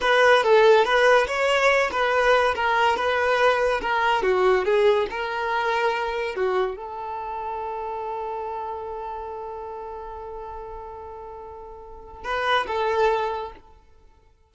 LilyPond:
\new Staff \with { instrumentName = "violin" } { \time 4/4 \tempo 4 = 142 b'4 a'4 b'4 cis''4~ | cis''8 b'4. ais'4 b'4~ | b'4 ais'4 fis'4 gis'4 | ais'2. fis'4 |
a'1~ | a'1~ | a'1~ | a'4 b'4 a'2 | }